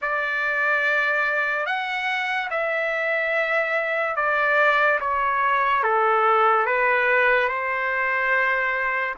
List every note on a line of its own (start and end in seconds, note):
0.01 1.66 D5
1.66 2.49 F#5
2.50 4.16 E5
4.16 4.99 D5
5.00 5.83 C#5
5.83 6.66 A4
6.66 7.48 B4
7.48 9.14 C5